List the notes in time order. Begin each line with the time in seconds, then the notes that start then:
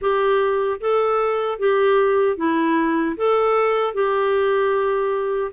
0.01 G4
0.80 A4
1.58 G4
2.36 E4
3.17 A4
3.93 G4